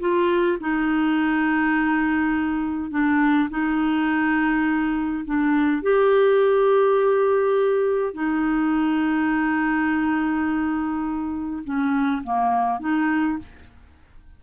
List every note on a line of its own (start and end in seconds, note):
0.00 0.58 F4
0.60 2.91 D#4
2.91 3.49 D4
3.50 5.25 D#4
5.25 5.82 D4
5.82 8.14 G4
8.14 11.63 D#4
11.64 12.23 C#4
12.23 12.80 A#3
12.80 13.38 D#4